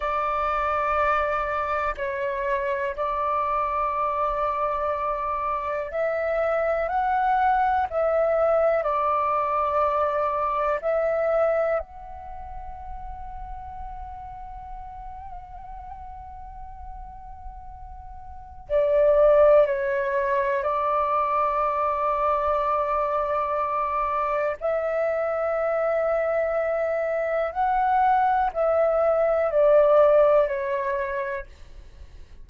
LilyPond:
\new Staff \with { instrumentName = "flute" } { \time 4/4 \tempo 4 = 61 d''2 cis''4 d''4~ | d''2 e''4 fis''4 | e''4 d''2 e''4 | fis''1~ |
fis''2. d''4 | cis''4 d''2.~ | d''4 e''2. | fis''4 e''4 d''4 cis''4 | }